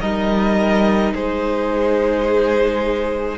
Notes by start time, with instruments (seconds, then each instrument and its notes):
0.00 cello G3, viola D#4, violin A#4 D#5
1.13 cello G#3, violin G#4 C5